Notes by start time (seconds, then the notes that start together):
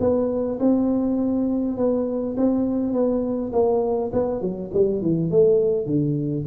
0.00 B3
0.60 C4
1.77 B3
2.37 C4
2.93 B3
3.52 A#3
4.13 B3
4.41 F#3
4.74 G3
5.02 E3
5.31 A3
5.86 D3